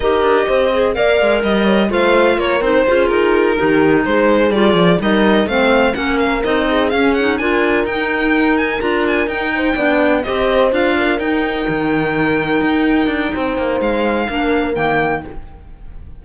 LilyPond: <<
  \new Staff \with { instrumentName = "violin" } { \time 4/4 \tempo 4 = 126 dis''2 f''4 dis''4 | f''4 cis''8 c''4 ais'4.~ | ais'8 c''4 d''4 dis''4 f''8~ | f''8 fis''8 f''8 dis''4 f''8 fis''8 gis''8~ |
gis''8 g''4. gis''8 ais''8 gis''8 g''8~ | g''4. dis''4 f''4 g''8~ | g''1~ | g''4 f''2 g''4 | }
  \new Staff \with { instrumentName = "horn" } { \time 4/4 ais'4 c''4 d''4 dis''8 cis''8 | c''4 ais'4 gis'4. g'8~ | g'8 gis'2 ais'4 c''8~ | c''8 ais'4. gis'4. ais'8~ |
ais'1 | c''8 d''4 c''4. ais'4~ | ais'1 | c''2 ais'2 | }
  \new Staff \with { instrumentName = "clarinet" } { \time 4/4 g'4. gis'8 ais'2 | f'4. dis'8 f'4. dis'8~ | dis'4. f'4 dis'4 c'8~ | c'8 cis'4 dis'4 cis'8 dis'8 f'8~ |
f'8 dis'2 f'4 dis'8~ | dis'8 d'4 g'4 f'4 dis'8~ | dis'1~ | dis'2 d'4 ais4 | }
  \new Staff \with { instrumentName = "cello" } { \time 4/4 dis'8 d'8 c'4 ais8 gis8 g4 | a4 ais8 c'8 cis'8 dis'4 dis8~ | dis8 gis4 g8 f8 g4 a8~ | a8 ais4 c'4 cis'4 d'8~ |
d'8 dis'2 d'4 dis'8~ | dis'8 b4 c'4 d'4 dis'8~ | dis'8 dis2 dis'4 d'8 | c'8 ais8 gis4 ais4 dis4 | }
>>